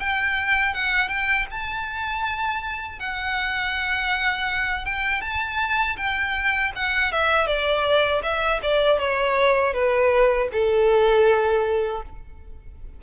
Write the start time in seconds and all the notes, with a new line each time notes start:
0.00 G5
0.74 F#5
1.09 G5
1.51 A5
2.99 F#5
4.85 G5
5.22 A5
5.97 G5
6.76 F#5
7.12 E5
7.47 D5
8.23 E5
8.62 D5
8.99 C#5
9.74 B4
10.53 A4